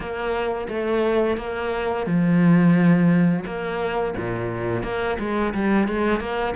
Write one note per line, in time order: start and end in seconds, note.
0.00 0.67 A#3
0.68 1.37 A3
1.37 2.06 A#3
2.06 3.44 F3
3.45 4.14 A#3
4.17 4.83 A#2
4.83 5.17 A#3
5.19 5.53 G#3
5.53 5.88 G3
5.88 6.20 G#3
6.20 6.54 A#3